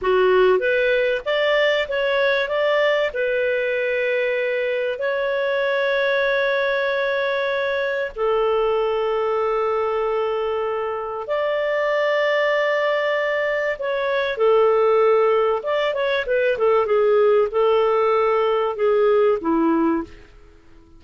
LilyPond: \new Staff \with { instrumentName = "clarinet" } { \time 4/4 \tempo 4 = 96 fis'4 b'4 d''4 cis''4 | d''4 b'2. | cis''1~ | cis''4 a'2.~ |
a'2 d''2~ | d''2 cis''4 a'4~ | a'4 d''8 cis''8 b'8 a'8 gis'4 | a'2 gis'4 e'4 | }